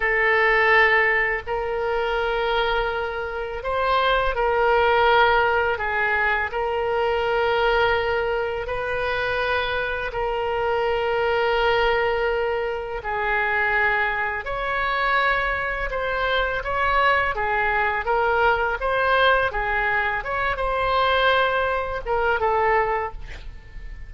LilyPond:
\new Staff \with { instrumentName = "oboe" } { \time 4/4 \tempo 4 = 83 a'2 ais'2~ | ais'4 c''4 ais'2 | gis'4 ais'2. | b'2 ais'2~ |
ais'2 gis'2 | cis''2 c''4 cis''4 | gis'4 ais'4 c''4 gis'4 | cis''8 c''2 ais'8 a'4 | }